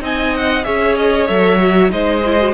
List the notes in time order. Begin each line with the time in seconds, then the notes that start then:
0.00 C4 D#4 D#5 G#5
0.36 F#5
0.64 C#4 G#4 C#5 E5
0.96 D#5
1.27 F#3 A4 E5
1.61 F#4
1.89 G#3 D#4 C5 D#5
2.25 E4
2.39 F#4